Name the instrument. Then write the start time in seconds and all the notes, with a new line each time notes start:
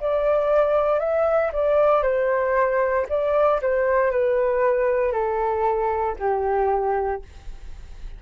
flute
0.00 D5
0.99 E5
1.52 D5
2.02 C5
3.08 D5
3.61 C5
4.11 B4
5.12 A4
6.18 G4